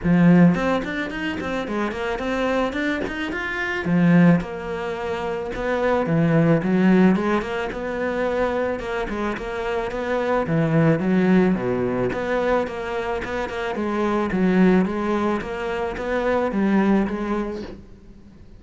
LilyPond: \new Staff \with { instrumentName = "cello" } { \time 4/4 \tempo 4 = 109 f4 c'8 d'8 dis'8 c'8 gis8 ais8 | c'4 d'8 dis'8 f'4 f4 | ais2 b4 e4 | fis4 gis8 ais8 b2 |
ais8 gis8 ais4 b4 e4 | fis4 b,4 b4 ais4 | b8 ais8 gis4 fis4 gis4 | ais4 b4 g4 gis4 | }